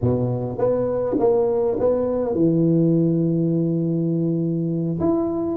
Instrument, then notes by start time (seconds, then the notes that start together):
tuba
0.01 B2
0.57 B3
1.19 A#3
1.79 B3
2.34 E3
4.99 E4